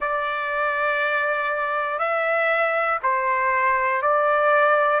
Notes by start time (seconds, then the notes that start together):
0.00 D5
1.98 E5
3.03 C5
4.02 D5